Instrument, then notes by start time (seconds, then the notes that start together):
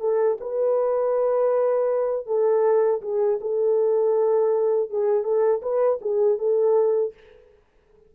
horn
0.00 A4
0.41 B4
2.26 A4
3.02 G#4
3.41 A4
4.90 G#4
5.24 A4
5.62 B4
6.01 G#4
6.39 A4